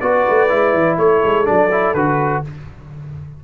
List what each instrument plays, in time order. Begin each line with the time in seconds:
0.00 tuba B3, trombone F#4, horn B4, trumpet D5
0.29 tuba A3
0.49 tuba G#3, trombone E4
0.73 tuba E3
0.97 tuba A3, horn A4, trumpet C#5
1.24 tuba G#3
1.45 tuba F#3, trombone D4, trumpet D5
1.71 trombone E4
1.94 tuba D3, trombone F#4, trumpet B4